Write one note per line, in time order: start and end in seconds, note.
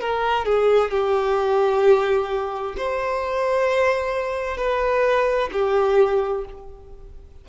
0.00 0.45 A#4
0.45 0.91 G#4
0.91 2.75 G4
2.77 4.57 C5
4.57 5.50 B4
5.53 6.45 G4